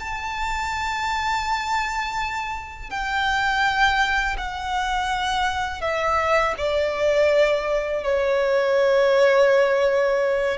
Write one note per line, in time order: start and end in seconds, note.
0.00 2.91 A5
2.91 4.37 G5
4.38 5.82 F#5
5.82 6.55 E5
6.58 8.04 D5
8.04 10.58 C#5